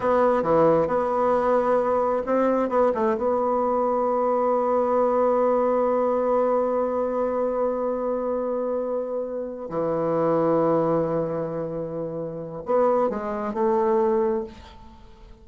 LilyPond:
\new Staff \with { instrumentName = "bassoon" } { \time 4/4 \tempo 4 = 133 b4 e4 b2~ | b4 c'4 b8 a8 b4~ | b1~ | b1~ |
b1~ | b4. e2~ e8~ | e1 | b4 gis4 a2 | }